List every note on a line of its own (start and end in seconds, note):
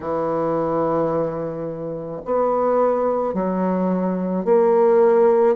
0.00 2.21 E3
2.25 3.34 B3
3.34 4.44 F#3
4.44 5.55 A#3